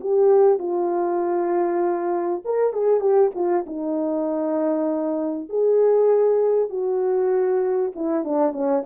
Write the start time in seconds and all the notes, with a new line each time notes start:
0.00 G4
0.59 F4
2.44 A#4
2.73 G#4
3.00 G4
3.34 F4
3.66 D#4
5.49 G#4
6.69 F#4
7.95 E4
8.24 D4
8.52 C#4